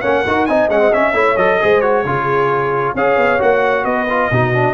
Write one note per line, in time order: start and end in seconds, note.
0.00 0.26 A#3
0.00 0.25 C#4
0.00 0.23 C#5
0.00 0.46 F#5
0.26 0.48 D#4
0.26 0.48 F#4
0.26 0.48 A#4
0.46 0.69 C4
0.46 0.70 D#4
0.46 1.13 D#5
0.46 0.68 G#5
0.69 0.91 G#3
0.69 0.79 C#4
0.69 0.93 F#5
0.79 0.90 C4
0.93 1.13 C#4
0.93 1.37 E5
1.13 1.36 A3
1.13 1.36 E4
1.13 1.59 C#5
1.37 1.59 F#3
1.37 1.61 A4
1.37 1.81 D#5
1.61 2.04 G#3
1.61 1.82 G#4
1.61 2.06 C5
1.81 2.04 F#4
1.81 2.94 C#5
2.04 2.94 C#3
2.04 2.96 F4
2.04 2.94 G#4
2.94 3.17 C#4
2.94 3.39 G#4
2.94 3.84 C#5
2.94 3.41 F5
3.17 3.39 B3
3.39 3.84 A#3
3.39 4.06 F#4
3.39 3.84 F#5
3.84 4.30 B3
3.84 4.31 B4
3.84 4.74 D#5
4.09 4.32 F4
4.31 4.74 B2
4.31 4.54 D#4
4.31 4.74 F#4
4.54 4.74 D4